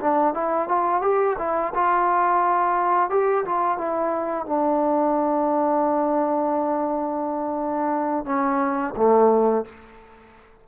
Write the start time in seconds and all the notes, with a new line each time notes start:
0.00 D4
0.34 E4
0.68 F4
1.02 G4
1.39 E4
1.74 F4
3.10 G4
3.45 F4
3.77 E4
4.46 D4
8.25 C#4
8.96 A3